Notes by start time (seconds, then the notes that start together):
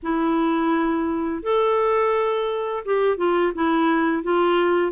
0.02 E4
1.42 A4
2.85 G4
3.17 F4
3.55 E4
4.23 F4